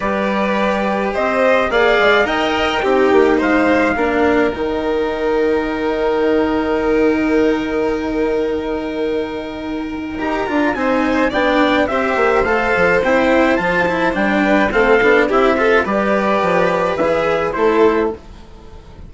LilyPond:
<<
  \new Staff \with { instrumentName = "trumpet" } { \time 4/4 \tempo 4 = 106 d''2 dis''4 f''4 | g''2 f''2 | g''1~ | g''1~ |
g''2 ais''4 gis''4 | g''4 e''4 f''4 g''4 | a''4 g''4 f''4 e''4 | d''2 e''4 c''4 | }
  \new Staff \with { instrumentName = "violin" } { \time 4/4 b'2 c''4 d''4 | dis''4 g'4 c''4 ais'4~ | ais'1~ | ais'1~ |
ais'2. c''4 | d''4 c''2.~ | c''4. b'8 a'4 g'8 a'8 | b'2. a'4 | }
  \new Staff \with { instrumentName = "cello" } { \time 4/4 g'2. gis'4 | ais'4 dis'2 d'4 | dis'1~ | dis'1~ |
dis'2 g'8 f'8 dis'4 | d'4 g'4 a'4 e'4 | f'8 e'8 d'4 c'8 d'8 e'8 f'8 | g'2 gis'4 e'4 | }
  \new Staff \with { instrumentName = "bassoon" } { \time 4/4 g2 c'4 ais8 gis8 | dis'4 c'8 ais8 gis4 ais4 | dis1~ | dis1~ |
dis2 dis'8 d'8 c'4 | b4 c'8 ais8 a8 f8 c'4 | f4 g4 a8 b8 c'4 | g4 f4 e4 a4 | }
>>